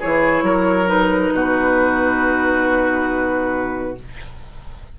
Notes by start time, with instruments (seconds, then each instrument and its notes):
0.00 bassoon E3, clarinet E4, oboe G#4, flute C#5
0.43 bassoon F#3, oboe A#4
0.86 clarinet D#4, flute B4
1.33 bassoon B2, oboe F#4